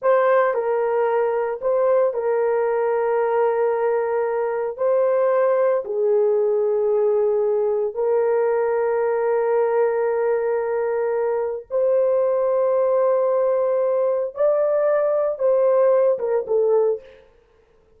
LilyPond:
\new Staff \with { instrumentName = "horn" } { \time 4/4 \tempo 4 = 113 c''4 ais'2 c''4 | ais'1~ | ais'4 c''2 gis'4~ | gis'2. ais'4~ |
ais'1~ | ais'2 c''2~ | c''2. d''4~ | d''4 c''4. ais'8 a'4 | }